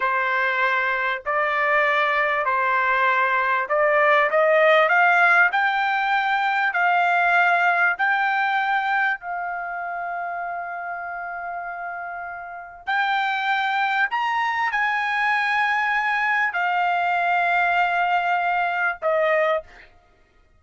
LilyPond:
\new Staff \with { instrumentName = "trumpet" } { \time 4/4 \tempo 4 = 98 c''2 d''2 | c''2 d''4 dis''4 | f''4 g''2 f''4~ | f''4 g''2 f''4~ |
f''1~ | f''4 g''2 ais''4 | gis''2. f''4~ | f''2. dis''4 | }